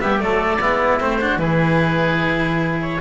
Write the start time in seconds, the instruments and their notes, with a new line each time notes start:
0.00 double bass G3, cello B3, oboe G4 E5
0.18 double bass F#3, cello A3, oboe A4 D5
0.59 double bass G#3, cello B3, oboe E4
1.00 double bass A3, cello C4, oboe C5
1.20 cello D4, oboe F#4
1.36 double bass E3, cello E4, oboe G#4 B4
2.81 oboe C#5